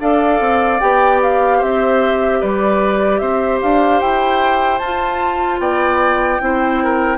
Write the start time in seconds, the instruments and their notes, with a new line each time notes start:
0.00 bassoon D4, clarinet A4, oboe D5, flute F5
0.40 bassoon C4
0.80 bassoon B3, clarinet G4, flute G5
1.23 flute F5
1.58 bassoon C4, oboe C5, flute E5
2.41 bassoon G3, oboe B4, flute D5
3.19 bassoon C4, oboe C5, flute E5
3.62 bassoon D4, flute F5
4.00 bassoon E4, flute G5
4.79 bassoon F4, clarinet F4, flute A5
5.59 bassoon B3, oboe D5, flute G5
6.41 bassoon C4, clarinet E4, oboe C5
6.84 oboe A#4